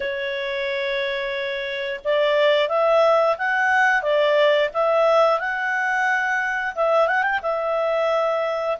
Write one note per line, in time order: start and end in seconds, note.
0.00 2.00 C#5
2.04 2.68 D5
2.68 3.36 E5
3.38 4.02 F#5
4.02 4.69 D5
4.73 5.39 E5
5.39 6.74 F#5
6.75 7.07 E5
7.07 7.23 F#5
7.23 7.39 G5
7.42 8.77 E5